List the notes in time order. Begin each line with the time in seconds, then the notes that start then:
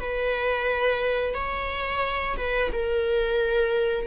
0.00 B4
1.35 C#5
2.38 B4
2.73 A#4